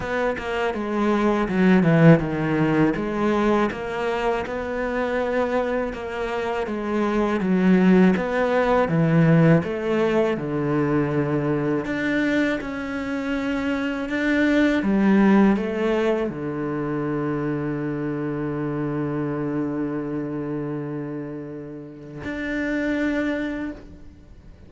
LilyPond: \new Staff \with { instrumentName = "cello" } { \time 4/4 \tempo 4 = 81 b8 ais8 gis4 fis8 e8 dis4 | gis4 ais4 b2 | ais4 gis4 fis4 b4 | e4 a4 d2 |
d'4 cis'2 d'4 | g4 a4 d2~ | d1~ | d2 d'2 | }